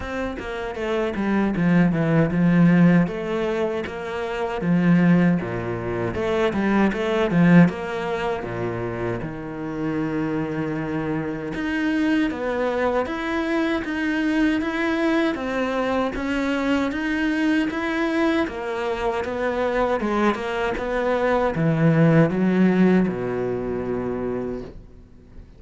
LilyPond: \new Staff \with { instrumentName = "cello" } { \time 4/4 \tempo 4 = 78 c'8 ais8 a8 g8 f8 e8 f4 | a4 ais4 f4 ais,4 | a8 g8 a8 f8 ais4 ais,4 | dis2. dis'4 |
b4 e'4 dis'4 e'4 | c'4 cis'4 dis'4 e'4 | ais4 b4 gis8 ais8 b4 | e4 fis4 b,2 | }